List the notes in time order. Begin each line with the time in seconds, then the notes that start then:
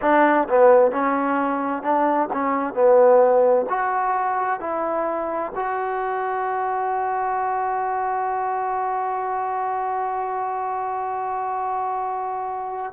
0.01 D4
0.48 B3
0.91 C#4
1.82 D4
2.32 C#4
2.74 B3
3.69 F#4
4.59 E4
5.55 F#4